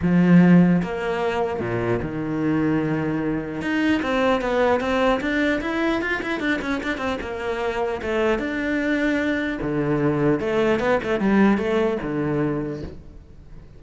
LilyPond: \new Staff \with { instrumentName = "cello" } { \time 4/4 \tempo 4 = 150 f2 ais2 | ais,4 dis2.~ | dis4 dis'4 c'4 b4 | c'4 d'4 e'4 f'8 e'8 |
d'8 cis'8 d'8 c'8 ais2 | a4 d'2. | d2 a4 b8 a8 | g4 a4 d2 | }